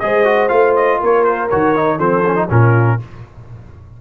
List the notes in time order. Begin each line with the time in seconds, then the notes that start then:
0.00 G#3 G#4 C5 D#5
0.25 F#4
0.49 A3 F4 F5
0.76 D#5
1.00 A#3 A#4 C#5
1.24 C5
1.50 D#3 F#4 C#5
1.76 D#4
1.98 F3 C4 A4 C5
2.26 C#4
2.36 D#4
2.50 A#2 C#4 F4 A#4